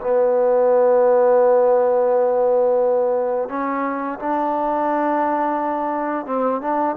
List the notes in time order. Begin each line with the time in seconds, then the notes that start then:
0.00 B3
3.49 C#4
4.19 D4
6.26 C4
6.61 D4